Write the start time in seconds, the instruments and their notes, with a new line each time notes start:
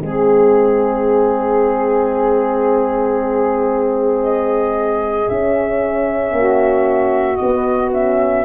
0.00 tuba G#3, horn C4, saxophone G#4, flute G#4
4.23 flute D#5
5.28 horn C#4, tuba C#4, flute E5
6.32 tuba A#3, saxophone F#4
7.36 horn B3, flute D#5
7.42 tuba B3
7.93 horn C#4, flute E5